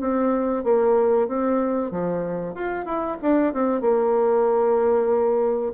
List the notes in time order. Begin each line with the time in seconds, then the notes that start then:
0.00 C4
0.64 A#3
1.27 C4
1.91 F3
2.54 F4
2.85 E4
3.21 D4
3.53 C4
3.80 A#3